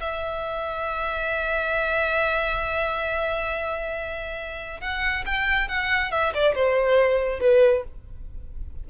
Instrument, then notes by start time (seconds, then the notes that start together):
violin
0.00 E5
4.80 F#5
5.25 G5
5.68 F#5
6.11 E5
6.34 D5
6.55 C5
7.40 B4